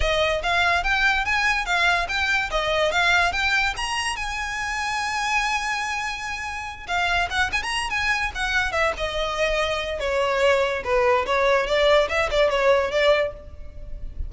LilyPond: \new Staff \with { instrumentName = "violin" } { \time 4/4 \tempo 4 = 144 dis''4 f''4 g''4 gis''4 | f''4 g''4 dis''4 f''4 | g''4 ais''4 gis''2~ | gis''1~ |
gis''8 f''4 fis''8 gis''16 ais''8. gis''4 | fis''4 e''8 dis''2~ dis''8 | cis''2 b'4 cis''4 | d''4 e''8 d''8 cis''4 d''4 | }